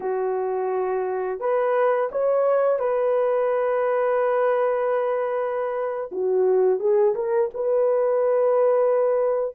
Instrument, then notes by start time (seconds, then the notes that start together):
horn
0.00 F#4
1.40 B4
2.11 C#5
2.79 B4
6.11 F#4
6.79 G#4
7.14 A#4
7.53 B4